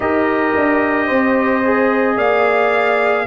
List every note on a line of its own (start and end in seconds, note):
0.00 0.53 D#4
0.00 1.63 G4
0.00 1.06 A#4
0.00 2.17 D#5
0.55 1.09 D4
1.06 2.16 C4
1.06 2.15 C5
1.64 3.26 G#4
2.16 3.25 A#3
2.16 3.25 D5
2.16 3.26 F5